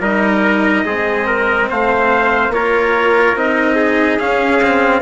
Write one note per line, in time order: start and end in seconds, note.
0.00 0.83 G3
0.00 0.85 D#4
0.00 0.83 A#4
0.00 1.70 D#5
0.85 1.69 G#3
0.85 2.52 C4
0.85 1.26 G#4
1.26 1.68 A#4
1.69 2.49 A3
1.69 2.53 C5
1.69 2.53 F5
2.49 3.32 A#3
2.49 3.36 F4
2.49 3.75 A#4
2.49 3.36 C#5
3.35 4.18 C4
3.35 4.19 D#4
3.35 4.19 D#5
3.75 5.00 G#4
4.18 5.01 C#4
4.18 4.60 C#4
4.18 5.01 F5
4.62 5.01 C4